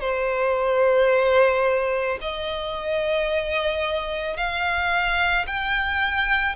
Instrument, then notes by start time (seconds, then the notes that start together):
violin
0.00 C5
2.22 D#5
4.37 F5
5.46 G5